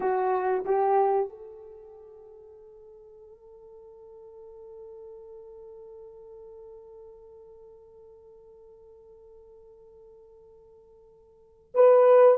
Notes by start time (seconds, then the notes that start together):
0.00 F#4
0.65 G4
1.29 A4
11.74 B4